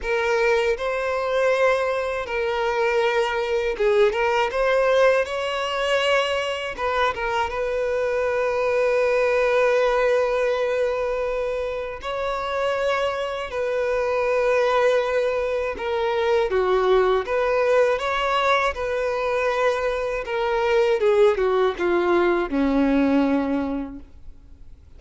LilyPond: \new Staff \with { instrumentName = "violin" } { \time 4/4 \tempo 4 = 80 ais'4 c''2 ais'4~ | ais'4 gis'8 ais'8 c''4 cis''4~ | cis''4 b'8 ais'8 b'2~ | b'1 |
cis''2 b'2~ | b'4 ais'4 fis'4 b'4 | cis''4 b'2 ais'4 | gis'8 fis'8 f'4 cis'2 | }